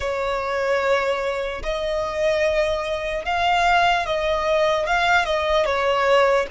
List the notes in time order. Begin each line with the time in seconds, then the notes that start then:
0.00 C#5
1.63 D#5
3.25 F5
4.05 D#5
4.86 F5
5.25 D#5
5.65 C#5